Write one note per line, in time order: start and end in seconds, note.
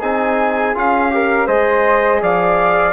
0.00 0.75 C4
0.00 0.75 D#4
0.00 1.11 G#4
0.00 0.76 G#5
0.75 1.48 C#4
0.75 1.11 F4
0.75 1.48 F5
1.11 1.48 G4
1.11 1.47 A#4
1.47 2.22 G#3
1.47 2.94 G#4
1.47 2.21 C5
1.47 2.22 D#5
2.22 2.94 F3
2.22 2.94 D5
2.22 2.94 F5